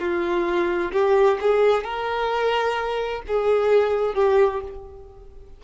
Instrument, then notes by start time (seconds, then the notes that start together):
violin
0.00 F4
0.92 G4
1.41 G#4
1.84 A#4
3.28 G#4
4.15 G4